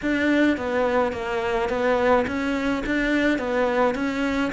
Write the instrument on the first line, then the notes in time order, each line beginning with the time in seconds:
cello
0.02 D4
0.57 B3
1.12 A#3
1.69 B3
2.27 C#4
2.86 D4
3.38 B3
3.94 C#4